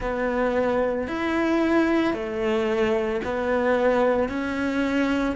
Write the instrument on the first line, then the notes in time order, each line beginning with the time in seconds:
cello
0.00 B3
1.07 E4
2.13 A3
3.24 B3
4.29 C#4